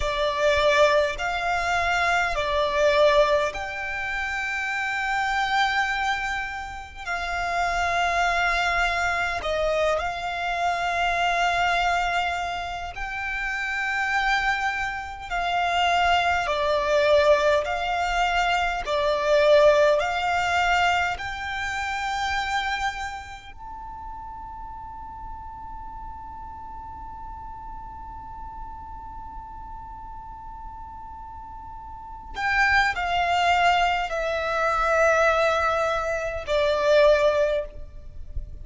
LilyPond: \new Staff \with { instrumentName = "violin" } { \time 4/4 \tempo 4 = 51 d''4 f''4 d''4 g''4~ | g''2 f''2 | dis''8 f''2~ f''8 g''4~ | g''4 f''4 d''4 f''4 |
d''4 f''4 g''2 | a''1~ | a''2.~ a''8 g''8 | f''4 e''2 d''4 | }